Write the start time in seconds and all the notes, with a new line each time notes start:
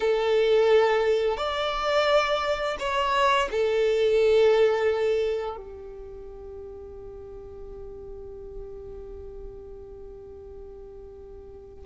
0.00 A4
1.37 D5
2.79 C#5
3.51 A4
5.57 G4